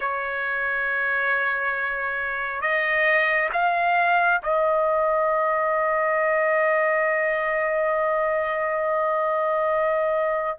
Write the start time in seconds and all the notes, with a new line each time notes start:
0.00 C#5
2.61 D#5
3.53 F5
4.42 D#5